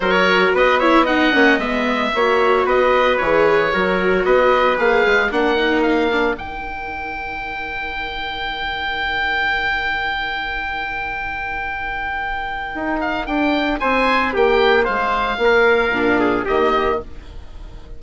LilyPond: <<
  \new Staff \with { instrumentName = "oboe" } { \time 4/4 \tempo 4 = 113 cis''4 dis''8 e''8 fis''4 e''4~ | e''4 dis''4 cis''2 | dis''4 f''4 fis''4 f''4 | g''1~ |
g''1~ | g''1~ | g''8 f''8 g''4 gis''4 g''4 | f''2. dis''4 | }
  \new Staff \with { instrumentName = "trumpet" } { \time 4/4 ais'4 b'8 cis''8 dis''2 | cis''4 b'2 ais'4 | b'2 ais'2~ | ais'1~ |
ais'1~ | ais'1~ | ais'2 c''4 g'4 | c''4 ais'4. gis'8 g'4 | }
  \new Staff \with { instrumentName = "viola" } { \time 4/4 fis'4. e'8 dis'8 cis'8 b4 | fis'2 gis'4 fis'4~ | fis'4 gis'4 d'8 dis'4 d'8 | dis'1~ |
dis'1~ | dis'1~ | dis'1~ | dis'2 d'4 ais4 | }
  \new Staff \with { instrumentName = "bassoon" } { \time 4/4 fis4 b4. ais8 gis4 | ais4 b4 e4 fis4 | b4 ais8 gis8 ais2 | dis1~ |
dis1~ | dis1 | dis'4 d'4 c'4 ais4 | gis4 ais4 ais,4 dis4 | }
>>